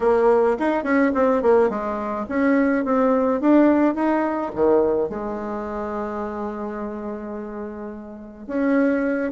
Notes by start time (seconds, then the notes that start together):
0.00 A#3
0.59 D#4
0.83 C#4
1.14 C4
1.42 A#3
1.69 G#3
2.28 C#4
2.84 C4
3.40 D4
3.94 D#4
4.55 D#3
5.09 G#3
8.47 C#4